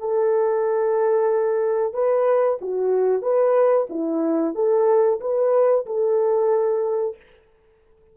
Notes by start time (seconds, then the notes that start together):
0.00 A4
1.94 B4
2.61 F#4
3.23 B4
3.90 E4
4.55 A4
5.21 B4
5.86 A4